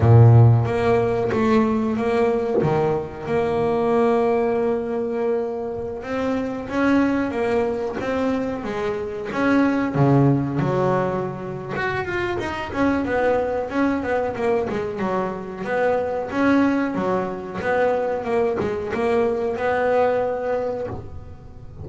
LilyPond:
\new Staff \with { instrumentName = "double bass" } { \time 4/4 \tempo 4 = 92 ais,4 ais4 a4 ais4 | dis4 ais2.~ | ais4~ ais16 c'4 cis'4 ais8.~ | ais16 c'4 gis4 cis'4 cis8.~ |
cis16 fis4.~ fis16 fis'8 f'8 dis'8 cis'8 | b4 cis'8 b8 ais8 gis8 fis4 | b4 cis'4 fis4 b4 | ais8 gis8 ais4 b2 | }